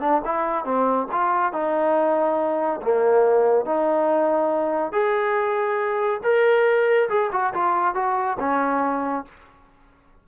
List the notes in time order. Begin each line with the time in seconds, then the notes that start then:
0.00 D4
0.25 E4
0.64 C4
1.11 F4
1.52 D#4
2.81 A#3
3.65 D#4
4.92 G#4
6.23 A#4
7.09 G#4
7.32 F#4
7.54 F4
7.94 F#4
8.39 C#4